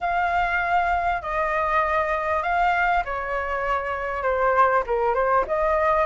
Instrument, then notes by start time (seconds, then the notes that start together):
flute
0.01 F5
1.22 D#5
2.42 F5
3.04 C#5
4.22 C5
4.86 A#4
5.14 C5
5.47 D#5